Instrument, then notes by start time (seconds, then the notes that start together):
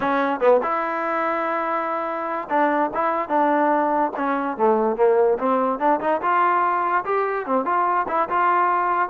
trombone
0.00 C#4
0.40 B3
0.62 E4
2.49 D4
2.93 E4
3.29 D4
4.16 C#4
4.57 A3
4.96 A#3
5.38 C4
5.79 D4
6.00 D#4
6.21 F4
7.04 G4
7.46 C4
7.65 F4
8.08 E4
8.29 F4